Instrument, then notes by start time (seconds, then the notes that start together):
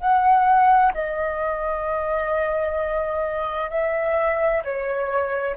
flute
0.00 F#5
0.94 D#5
3.70 E5
4.64 C#5